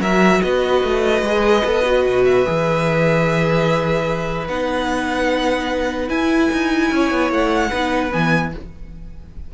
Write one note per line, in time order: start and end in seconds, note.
0.00 0.41 F#3
0.00 1.25 F#4
0.00 0.41 A#4
0.00 0.42 E5
0.42 0.84 B3
0.42 6.94 B4
0.42 2.24 D#5
0.84 1.22 A3
1.22 1.63 G#3
1.22 1.65 G#4
1.65 2.06 B3
1.65 1.85 A4
1.85 2.46 F#4
2.06 2.47 B2
2.25 4.48 E5
2.46 4.48 E3
2.46 4.49 G#4
4.48 6.10 B3
4.48 6.08 D#4
4.48 6.10 F#5
6.08 7.70 E4
6.08 6.50 E4
6.08 7.31 G#5
6.53 6.92 D#4
6.92 7.11 C#4
6.92 7.70 C#5
7.11 7.31 B3
7.31 7.72 A3
7.31 8.13 F#5
7.70 8.13 B3
7.70 8.11 D#4
7.70 8.52 B4
8.11 8.54 E3
8.11 8.52 B3
8.11 8.53 G#5